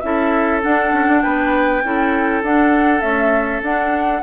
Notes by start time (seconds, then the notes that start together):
0.00 C#4 E4 A4 E5
0.62 D4 F#5
0.93 C#4
1.08 D4
1.22 B3 B4 G5
1.83 C#4 E4 A4
2.43 D4 F#5
3.00 A3 C#4 E5
3.62 D4 F#5